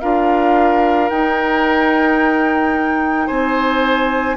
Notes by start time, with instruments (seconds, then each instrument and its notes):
0.00 bassoon D4, clarinet F4, oboe A#4, flute F5
1.09 bassoon D#4, clarinet D#4, flute G5
3.27 bassoon C4, oboe C5, flute G#5